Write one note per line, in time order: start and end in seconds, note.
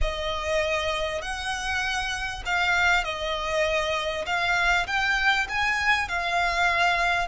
0.01 1.21 D#5
1.21 2.42 F#5
2.45 3.03 F5
3.03 4.25 D#5
4.26 4.86 F5
4.86 5.47 G5
5.48 6.08 G#5
6.08 7.27 F5